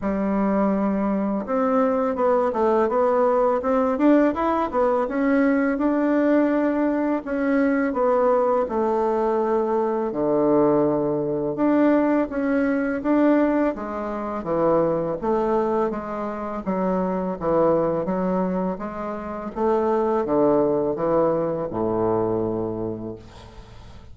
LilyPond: \new Staff \with { instrumentName = "bassoon" } { \time 4/4 \tempo 4 = 83 g2 c'4 b8 a8 | b4 c'8 d'8 e'8 b8 cis'4 | d'2 cis'4 b4 | a2 d2 |
d'4 cis'4 d'4 gis4 | e4 a4 gis4 fis4 | e4 fis4 gis4 a4 | d4 e4 a,2 | }